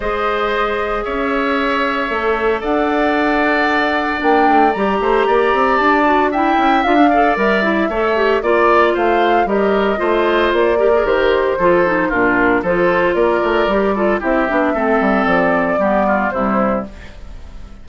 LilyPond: <<
  \new Staff \with { instrumentName = "flute" } { \time 4/4 \tempo 4 = 114 dis''2 e''2~ | e''4 fis''2. | g''4 ais''2 a''4 | g''4 f''4 e''2 |
d''4 f''4 dis''2 | d''4 c''2 ais'4 | c''4 d''2 e''4~ | e''4 d''2 c''4 | }
  \new Staff \with { instrumentName = "oboe" } { \time 4/4 c''2 cis''2~ | cis''4 d''2.~ | d''4. c''8 d''2 | e''4. d''4. cis''4 |
d''4 c''4 ais'4 c''4~ | c''8 ais'4. a'4 f'4 | a'4 ais'4. a'8 g'4 | a'2 g'8 f'8 e'4 | }
  \new Staff \with { instrumentName = "clarinet" } { \time 4/4 gis'1 | a'1 | d'4 g'2~ g'8 fis'8 | e'4 f'16 d'16 a'8 ais'8 e'8 a'8 g'8 |
f'2 g'4 f'4~ | f'8 g'16 gis'16 g'4 f'8 dis'8 d'4 | f'2 g'8 f'8 e'8 d'8 | c'2 b4 g4 | }
  \new Staff \with { instrumentName = "bassoon" } { \time 4/4 gis2 cis'2 | a4 d'2. | ais8 a8 g8 a8 ais8 c'8 d'4~ | d'8 cis'8 d'4 g4 a4 |
ais4 a4 g4 a4 | ais4 dis4 f4 ais,4 | f4 ais8 a8 g4 c'8 b8 | a8 g8 f4 g4 c4 | }
>>